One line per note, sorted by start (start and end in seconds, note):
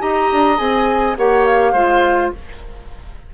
0.00 0.31 D#4
0.00 0.57 G4
0.00 1.18 D#5
0.00 0.58 A#5
0.32 0.59 D4
0.57 1.17 C4
0.57 1.15 G#4
0.57 1.16 G#5
1.17 1.73 A#3
1.17 1.76 G4
1.17 1.73 C#5
1.17 1.45 F#5
1.45 2.32 F5
1.73 2.32 G#3
1.73 2.34 F4
1.73 2.31 C5